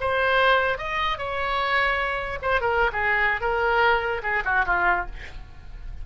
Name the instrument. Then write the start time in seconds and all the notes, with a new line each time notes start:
oboe
0.00 C5
0.78 D#5
1.18 C#5
2.42 C5
2.60 A#4
2.92 G#4
3.41 A#4
4.23 G#4
4.45 F#4
4.65 F4